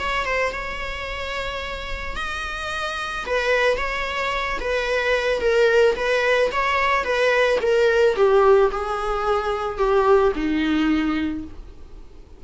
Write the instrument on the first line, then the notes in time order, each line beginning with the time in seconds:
viola
0.00 C#5
0.25 C5
0.53 C#5
2.16 D#5
3.27 B4
3.78 C#5
4.61 B4
5.41 A#4
5.96 B4
6.52 C#5
7.04 B4
7.62 A#4
8.16 G4
8.72 G#4
9.78 G4
10.36 D#4